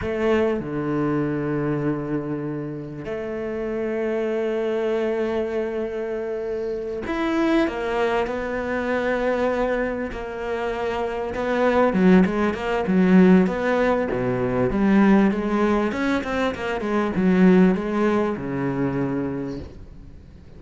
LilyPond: \new Staff \with { instrumentName = "cello" } { \time 4/4 \tempo 4 = 98 a4 d2.~ | d4 a2.~ | a2.~ a8 e'8~ | e'8 ais4 b2~ b8~ |
b8 ais2 b4 fis8 | gis8 ais8 fis4 b4 b,4 | g4 gis4 cis'8 c'8 ais8 gis8 | fis4 gis4 cis2 | }